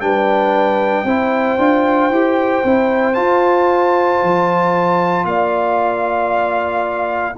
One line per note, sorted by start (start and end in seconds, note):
0.00 1.04 G3
0.00 1.06 D4
0.00 1.05 B4
0.00 3.14 G5
1.04 1.56 C4
1.04 1.59 E4
1.04 5.26 C5
1.58 2.10 D4
1.58 2.11 F4
2.10 2.62 E4
2.10 2.64 G4
2.64 3.15 C4
2.64 3.14 E4
3.14 7.35 F4
3.14 4.21 F4
3.14 5.24 A5
4.23 5.24 F3
5.24 7.35 A#3
5.24 7.37 D5
5.24 7.35 F5